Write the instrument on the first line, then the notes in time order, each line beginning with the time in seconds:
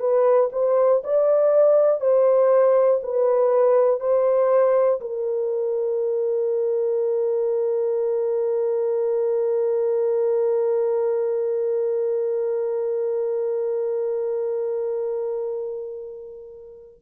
horn
0.00 B4
0.53 C5
1.05 D5
2.01 C5
3.04 B4
4.00 C5
5.01 A#4